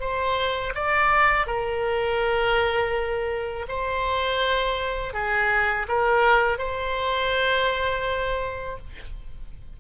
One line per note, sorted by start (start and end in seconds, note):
0.00 0.73 C5
0.75 1.47 D5
1.47 3.66 A#4
3.68 5.13 C5
5.13 5.86 G#4
5.88 6.58 A#4
6.58 8.78 C5